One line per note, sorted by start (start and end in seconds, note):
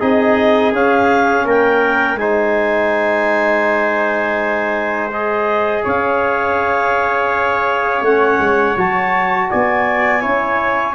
0.00 0.73 C4
0.00 0.73 D#4
0.00 1.45 G#4
0.00 0.73 D#5
0.73 1.46 C#4
0.73 2.19 C#4
0.73 1.48 F5
1.45 2.15 A#3
1.45 2.18 A#4
1.45 2.18 G5
2.15 5.81 G#3
2.15 5.12 D#4
2.15 5.84 C5
2.15 5.11 G#5
5.11 8.05 G#4
5.11 5.84 D#5
5.84 8.02 C#4
5.84 9.50 C#5
5.84 8.04 F5
8.02 8.39 A3
8.02 8.77 C#4
8.02 8.77 F#5
8.39 8.76 G#3
8.77 9.51 F#3
8.77 10.22 F#4
8.77 9.51 A5
9.50 10.25 B3
9.50 10.22 D5
9.50 10.95 G#5
10.22 10.95 C#4
10.22 10.95 E4
10.22 10.95 C#5